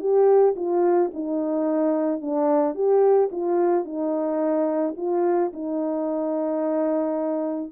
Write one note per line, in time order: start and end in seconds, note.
0.00 0.55 G4
0.56 1.11 F4
1.14 2.21 D#4
2.21 2.75 D4
2.75 3.30 G4
3.32 3.85 F4
3.85 4.95 D#4
4.97 5.52 F4
5.53 7.72 D#4